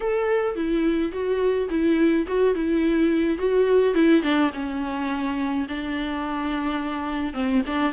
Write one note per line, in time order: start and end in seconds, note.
0.00 0.55 A4
0.55 1.11 E4
1.11 1.68 F#4
1.69 2.26 E4
2.27 2.54 F#4
2.54 3.38 E4
3.38 3.94 F#4
3.94 4.22 E4
4.22 4.50 D4
4.53 5.66 C#4
5.68 7.33 D4
7.33 7.61 C4
7.66 7.92 D4